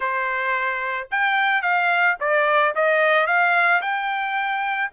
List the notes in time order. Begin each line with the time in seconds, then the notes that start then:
0.00 C5
1.11 G5
1.61 F5
2.20 D5
2.75 D#5
3.26 F5
3.81 G5